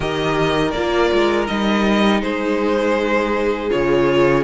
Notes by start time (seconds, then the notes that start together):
0.00 D#3 G4 A#4 D#5
0.71 A#3 F4 D5
1.12 G#3
1.47 G3 D#4 D#5
2.21 G#3 G#4 C5
3.70 C#3 F4 C#5